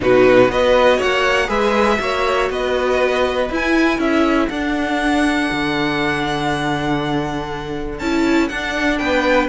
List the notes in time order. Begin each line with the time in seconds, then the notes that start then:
0.00 B2 D#4 F#4 B4
0.48 B3 F#4 B4 D#5
0.97 A#3 C#5 F#5
1.47 G#3 G#4 B4 E5
1.99 A#3 F#4 C#5
2.49 B3 B4 D#5
3.49 E4 G#5
3.98 C#4 A4 E5
4.48 D4 F#5
5.51 D3
7.98 C#4 E4 A5
8.48 D4 F#5
8.98 B3 B4 G5